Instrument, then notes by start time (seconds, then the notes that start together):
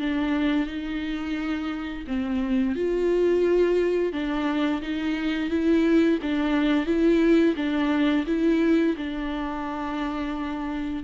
viola
0.00 D4
0.66 D#4
2.07 C4
2.75 F4
4.13 D4
4.82 D#4
5.50 E4
6.22 D4
6.86 E4
7.56 D4
8.27 E4
8.97 D4